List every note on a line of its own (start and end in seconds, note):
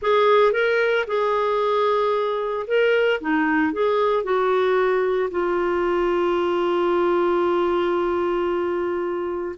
0.01 0.52 G#4
0.52 1.05 A#4
1.07 2.66 G#4
2.67 3.20 A#4
3.20 3.73 D#4
3.73 4.23 G#4
4.23 5.29 F#4
5.30 9.55 F4